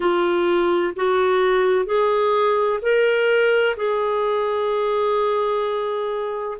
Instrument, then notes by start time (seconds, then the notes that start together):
clarinet
0.00 F4
0.95 F#4
1.85 G#4
2.81 A#4
3.76 G#4